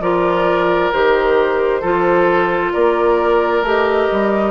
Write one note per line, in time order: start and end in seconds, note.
0.00 0.91 F3
0.00 0.92 F4
0.00 1.81 A#4
0.00 0.92 D5
0.92 1.82 D#3
0.92 1.82 G4
0.92 2.73 C5
1.81 2.73 F3
1.81 3.64 F4
1.81 2.72 A4
2.73 3.62 A#3
2.73 4.50 A#4
2.73 3.64 D5
3.62 4.07 A3
3.62 4.50 G4
3.62 4.50 D#5
4.12 4.50 G3